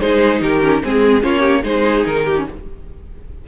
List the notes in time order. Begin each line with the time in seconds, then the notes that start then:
0.00 G#3 D#4 G#4 C5
0.41 D#3 G4 A#4
0.62 C#4
0.83 G#3 C4 G#4
1.21 A#3 C#4 F4 C#5
1.40 G4
1.63 G#3 D#4 G#4 C5
2.05 D#3 A#4
2.25 G4
2.37 C#4